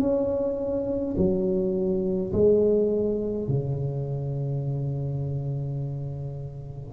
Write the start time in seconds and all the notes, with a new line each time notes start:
0.00 C#4
1.17 F#3
2.33 G#3
3.48 C#3